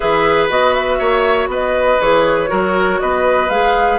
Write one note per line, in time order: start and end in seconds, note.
0.00 0.49 E3
0.00 0.49 G#4
0.00 0.98 B4
0.00 0.47 E5
0.49 0.99 B3
0.49 1.99 F#4
0.49 0.73 D#5
0.73 1.48 E5
0.98 1.47 A#3
0.98 1.48 C#5
1.47 1.97 B3
1.47 2.50 B4
1.53 2.01 D#5
2.00 2.50 E3
2.00 2.47 G#4
2.00 3.00 C#5
2.47 3.01 F#3
2.47 3.47 F#4
2.47 3.00 A#4
3.00 3.49 B3
3.00 3.99 B4
3.00 3.49 D#5
3.49 3.99 G#3
3.49 3.99 G#4
3.49 3.99 F5